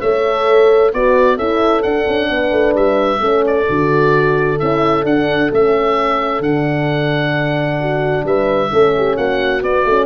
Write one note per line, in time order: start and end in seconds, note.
0.00 0.93 A3
0.00 0.95 A4
0.00 0.92 C#5
0.00 0.92 E5
0.93 1.38 B3
0.93 1.38 F#4
0.93 1.36 B4
0.93 1.38 D5
1.36 1.83 C#4
1.36 1.84 E4
1.36 2.27 A4
1.36 1.82 E5
1.82 2.06 D4
1.82 3.20 D4
1.82 2.73 F#5
2.07 2.30 C#4
2.30 2.51 B3
2.30 3.21 B4
2.51 2.74 A3
2.74 3.20 G3
2.74 3.44 E5
3.20 3.66 A3
3.20 3.66 C#4
3.20 7.79 A4
3.46 4.59 D5
3.68 4.60 D3
3.68 4.58 F#4
4.58 5.03 C#4
4.58 5.04 E4
4.58 5.05 E5
5.03 5.49 D4
5.03 5.52 D4
5.03 5.51 F#5
5.52 6.39 A3
5.52 6.43 C#4
5.52 6.42 E5
6.39 8.23 D3
6.39 8.70 D4
6.39 8.25 F#5
7.79 8.25 F#4
8.24 8.69 G3
8.24 8.71 B4
8.24 9.17 E5
8.70 9.17 A3
8.70 9.61 C#4
8.70 8.95 A4
8.97 9.16 G4
9.16 9.62 A#3
9.16 10.06 F#4
9.16 9.62 F#5
9.62 9.84 B3
9.62 9.86 B3
9.62 10.06 D5
9.84 10.06 A3
9.84 10.06 C#4